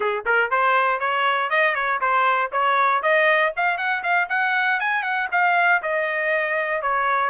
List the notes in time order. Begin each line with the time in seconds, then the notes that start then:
0.00 G#4
0.25 A#4
0.50 C5
0.99 C#5
1.50 D#5
1.74 C#5
2.01 C5
2.52 C#5
3.02 D#5
3.56 F5
3.77 F#5
4.03 F5
4.29 F#5
4.79 G#5
5.02 F#5
5.31 F5
5.82 D#5
6.81 C#5